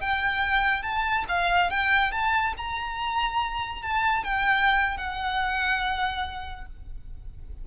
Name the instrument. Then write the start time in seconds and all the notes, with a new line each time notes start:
violin
0.00 G5
0.82 A5
1.28 F5
1.70 G5
2.11 A5
2.57 A#5
3.82 A5
4.24 G5
4.97 F#5